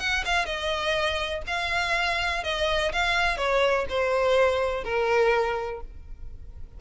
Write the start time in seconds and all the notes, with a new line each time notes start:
0.00 F#5
0.26 F5
0.46 D#5
1.47 F5
2.44 D#5
2.93 F5
3.37 C#5
3.90 C5
4.84 A#4